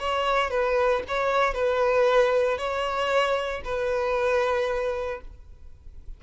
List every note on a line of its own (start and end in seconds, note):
0.00 0.51 C#5
0.51 1.03 B4
1.08 1.54 C#5
1.54 2.58 B4
2.58 3.62 C#5
3.65 5.21 B4